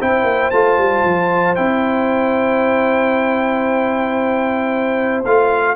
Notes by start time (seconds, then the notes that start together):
0.00 C4 E4 C5 G5
0.23 A#3
0.50 A3 F4 A5
0.78 G3
1.04 F3
1.55 C4 E4 G5
5.24 A3 F4 F5